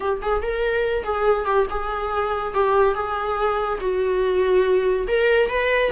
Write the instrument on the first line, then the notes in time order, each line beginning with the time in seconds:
viola
0.00 G4
0.22 G#4
0.41 A#4
1.03 G#4
1.45 G4
1.70 G#4
2.54 G4
2.94 G#4
3.80 F#4
5.07 A#4
5.49 B4